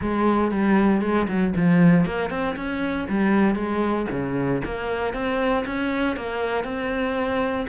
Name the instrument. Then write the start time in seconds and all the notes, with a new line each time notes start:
cello
0.01 G#3
0.51 G3
1.01 G#3
1.28 F#3
1.55 F3
2.05 A#3
2.29 C4
2.56 C#4
3.08 G3
3.55 G#3
4.10 C#3
4.64 A#3
5.13 C4
5.66 C#4
6.16 A#3
6.64 C4